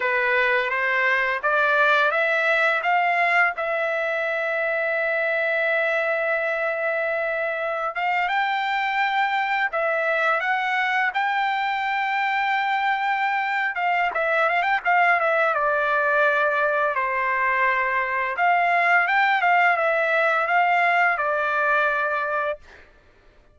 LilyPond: \new Staff \with { instrumentName = "trumpet" } { \time 4/4 \tempo 4 = 85 b'4 c''4 d''4 e''4 | f''4 e''2.~ | e''2.~ e''16 f''8 g''16~ | g''4.~ g''16 e''4 fis''4 g''16~ |
g''2.~ g''8 f''8 | e''8 f''16 g''16 f''8 e''8 d''2 | c''2 f''4 g''8 f''8 | e''4 f''4 d''2 | }